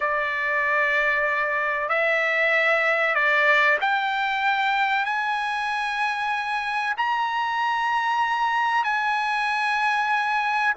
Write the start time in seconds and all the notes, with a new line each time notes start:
0.00 D5
1.89 E5
3.14 D5
3.81 G5
5.05 G#5
6.97 A#5
8.84 G#5